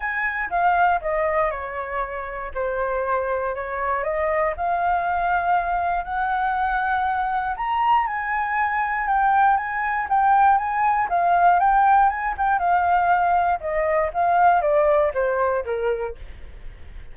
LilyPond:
\new Staff \with { instrumentName = "flute" } { \time 4/4 \tempo 4 = 119 gis''4 f''4 dis''4 cis''4~ | cis''4 c''2 cis''4 | dis''4 f''2. | fis''2. ais''4 |
gis''2 g''4 gis''4 | g''4 gis''4 f''4 g''4 | gis''8 g''8 f''2 dis''4 | f''4 d''4 c''4 ais'4 | }